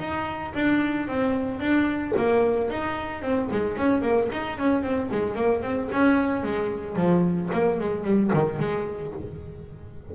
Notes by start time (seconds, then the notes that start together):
0.00 D#4
0.55 D4
1.08 C4
1.60 D4
2.17 A#3
2.71 D#4
3.23 C4
3.51 G#3
3.78 C#4
4.02 A#3
4.32 D#4
4.59 C#4
4.83 C4
5.12 G#3
5.36 A#3
5.62 C4
5.92 C#4
6.44 G#3
6.96 F3
7.53 A#3
7.80 G#3
8.04 G3
8.34 D#3
8.60 G#3